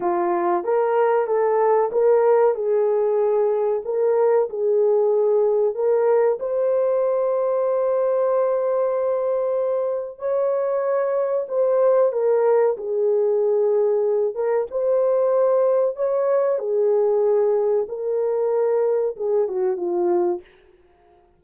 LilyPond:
\new Staff \with { instrumentName = "horn" } { \time 4/4 \tempo 4 = 94 f'4 ais'4 a'4 ais'4 | gis'2 ais'4 gis'4~ | gis'4 ais'4 c''2~ | c''1 |
cis''2 c''4 ais'4 | gis'2~ gis'8 ais'8 c''4~ | c''4 cis''4 gis'2 | ais'2 gis'8 fis'8 f'4 | }